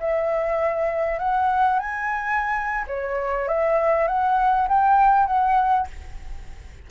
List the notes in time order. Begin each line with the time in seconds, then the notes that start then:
0.00 E5
1.19 F#5
1.79 G#5
2.87 C#5
3.48 E5
4.07 F#5
4.69 G5
5.26 F#5